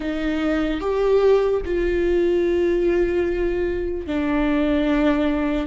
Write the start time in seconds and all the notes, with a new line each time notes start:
0.00 D#4
0.80 G4
1.65 F4
4.07 D4